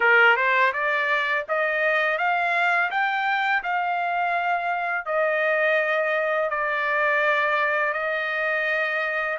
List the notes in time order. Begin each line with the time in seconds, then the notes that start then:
0.00 A#4
0.36 C5
0.73 D5
1.48 D#5
2.18 F5
2.90 G5
3.63 F5
5.05 D#5
6.50 D5
7.93 D#5